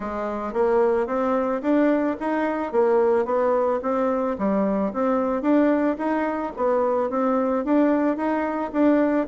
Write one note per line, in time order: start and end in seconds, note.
0.00 0.53 G#3
0.53 1.07 A#3
1.07 1.61 C4
1.62 2.16 D4
2.20 2.71 D#4
2.71 3.25 A#3
3.25 3.80 B3
3.82 4.36 C4
4.38 4.92 G3
4.93 5.41 C4
5.41 5.96 D4
5.98 6.52 D#4
6.56 7.10 B3
7.10 7.64 C4
7.64 8.16 D4
8.16 8.71 D#4
8.72 9.27 D4